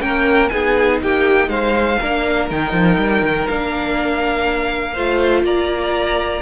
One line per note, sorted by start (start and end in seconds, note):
0.00 0.50 A#3
0.00 0.49 C#4
0.00 0.52 A#4
0.00 0.48 G5
0.48 1.01 B3
0.48 1.98 D#4
0.48 1.01 G#4
0.48 0.98 G#5
1.01 1.47 A#3
1.01 1.49 G4
1.01 1.49 G5
1.47 1.97 G#3
1.47 1.99 C5
1.47 2.47 F5
1.99 2.50 A#3
1.99 2.50 D4
1.99 4.93 A#4
2.50 2.72 D#3
2.50 3.49 D#4
2.50 3.47 G5
2.72 2.97 F3
2.97 3.22 G3
3.22 3.46 D#3
3.47 4.97 A#3
3.47 4.95 D4
3.47 5.44 F5
4.93 5.43 A3
4.93 6.41 F4
4.93 5.42 C5
5.43 6.41 A#3
5.43 6.41 D5
5.43 6.41 A#5